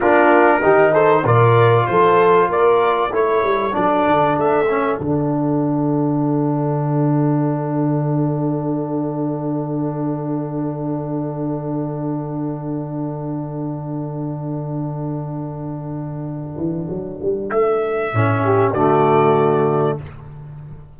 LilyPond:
<<
  \new Staff \with { instrumentName = "trumpet" } { \time 4/4 \tempo 4 = 96 ais'4. c''8 d''4 c''4 | d''4 cis''4 d''4 e''4 | fis''1~ | fis''1~ |
fis''1~ | fis''1~ | fis''1 | e''2 d''2 | }
  \new Staff \with { instrumentName = "horn" } { \time 4/4 f'4 g'8 a'8 ais'4 a'4 | ais'4 a'2.~ | a'1~ | a'1~ |
a'1~ | a'1~ | a'1~ | a'4. g'8 fis'2 | }
  \new Staff \with { instrumentName = "trombone" } { \time 4/4 d'4 dis'4 f'2~ | f'4 e'4 d'4. cis'8 | d'1~ | d'1~ |
d'1~ | d'1~ | d'1~ | d'4 cis'4 a2 | }
  \new Staff \with { instrumentName = "tuba" } { \time 4/4 ais4 dis4 ais,4 f4 | ais4 a8 g8 fis8 d8 a4 | d1~ | d1~ |
d1~ | d1~ | d2~ d8 e8 fis8 g8 | a4 a,4 d2 | }
>>